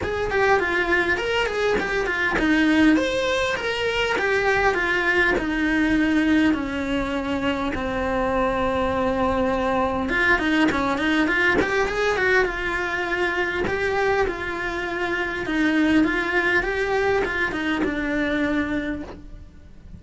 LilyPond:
\new Staff \with { instrumentName = "cello" } { \time 4/4 \tempo 4 = 101 gis'8 g'8 f'4 ais'8 gis'8 g'8 f'8 | dis'4 c''4 ais'4 g'4 | f'4 dis'2 cis'4~ | cis'4 c'2.~ |
c'4 f'8 dis'8 cis'8 dis'8 f'8 g'8 | gis'8 fis'8 f'2 g'4 | f'2 dis'4 f'4 | g'4 f'8 dis'8 d'2 | }